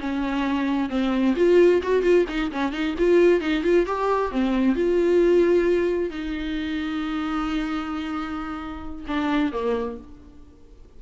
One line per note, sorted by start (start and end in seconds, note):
0.00 0.89 C#4
0.89 1.35 C4
1.36 1.82 F4
1.83 2.02 F#4
2.02 2.25 F4
2.29 2.51 D#4
2.52 2.73 C#4
2.73 2.95 D#4
2.98 3.41 F4
3.41 3.63 D#4
3.64 3.86 F4
3.86 4.31 G4
4.31 4.75 C4
4.75 6.10 F4
6.10 9.06 D#4
9.07 9.52 D4
9.52 9.98 A#3